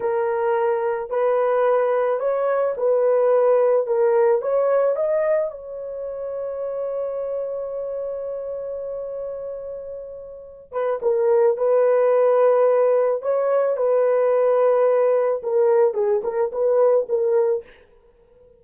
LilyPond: \new Staff \with { instrumentName = "horn" } { \time 4/4 \tempo 4 = 109 ais'2 b'2 | cis''4 b'2 ais'4 | cis''4 dis''4 cis''2~ | cis''1~ |
cis''2.~ cis''8 b'8 | ais'4 b'2. | cis''4 b'2. | ais'4 gis'8 ais'8 b'4 ais'4 | }